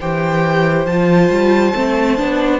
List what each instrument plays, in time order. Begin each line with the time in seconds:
0.00 cello E3, viola G4, violin C5 G5
0.86 cello F3, viola F4, violin A5
1.30 cello G3
1.74 cello A3, viola C4
2.17 cello B3, viola D4